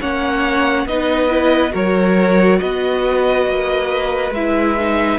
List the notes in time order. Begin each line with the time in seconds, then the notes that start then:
0.00 A#3 C#4 C#5 F#5
0.85 B3 D#4 B4 D#5
1.29 E4
1.71 F#3 F#4 A#4 C#5
2.59 B3 B4 D#5
3.47 A#3
4.30 G#3 E4 E5
4.79 D#4